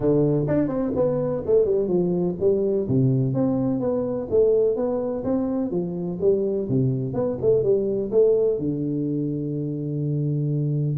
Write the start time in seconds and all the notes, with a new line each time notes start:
0.00 D3
0.47 D4
0.68 C4
0.95 B3
1.46 A3
1.65 G3
1.87 F3
2.40 G3
2.87 C3
3.34 C4
3.80 B3
4.30 A3
4.76 B3
5.23 C4
5.70 F3
6.20 G3
6.68 C3
7.13 B3
7.41 A3
7.63 G3
8.11 A3
8.58 D3